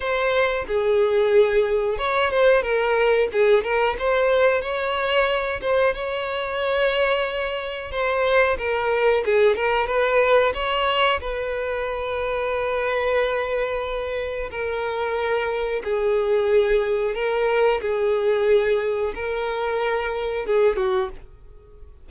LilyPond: \new Staff \with { instrumentName = "violin" } { \time 4/4 \tempo 4 = 91 c''4 gis'2 cis''8 c''8 | ais'4 gis'8 ais'8 c''4 cis''4~ | cis''8 c''8 cis''2. | c''4 ais'4 gis'8 ais'8 b'4 |
cis''4 b'2.~ | b'2 ais'2 | gis'2 ais'4 gis'4~ | gis'4 ais'2 gis'8 fis'8 | }